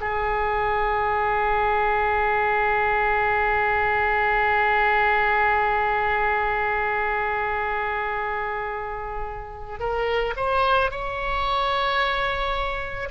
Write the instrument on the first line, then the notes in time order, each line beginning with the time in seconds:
oboe
0.00 G#4
9.79 A#4
10.36 C5
10.90 C#5